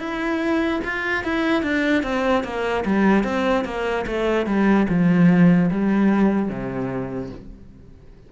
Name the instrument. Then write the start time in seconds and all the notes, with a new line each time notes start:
cello
0.00 E4
0.85 F4
1.24 E4
1.63 D4
2.03 C4
2.44 A#3
2.85 G3
3.24 C4
3.65 A#3
4.07 A3
4.47 G3
4.89 F3
5.71 G3
6.49 C3